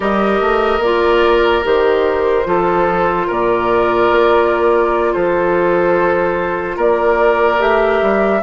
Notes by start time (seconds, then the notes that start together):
0.00 G3 G4 A#4 D#5
0.41 A3
0.79 A#3 F4 D5
1.63 D#3 G4 C5
2.44 F3 F4 A4
3.27 A#2 A#4 D5
4.11 A#3
5.13 F3 A4 C5
6.76 A#3 A#4 D5
7.58 A3 G4 E5
8.01 G3